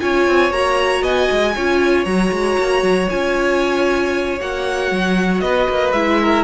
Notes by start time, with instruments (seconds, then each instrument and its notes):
0.00 cello C#4, viola F4, violin C#5 G#5
0.28 cello C4
0.51 cello A#3, viola F#4, violin A#5
1.02 cello B3, violin D#5 G#5
1.31 cello G#3
1.55 cello C#4, viola F4, violin C#5
2.05 cello F#3, viola F#4, violin A#5
2.32 cello G#3
2.58 cello A#3
2.82 cello F#3
3.10 cello C#4, viola F4, violin G#5
4.40 cello A#3, viola F#4, violin F#5
4.91 cello F#3
5.41 cello B3, violin B4 D#5
5.69 cello A#3
5.93 cello G#3, viola E4, violin E5
6.22 violin A#4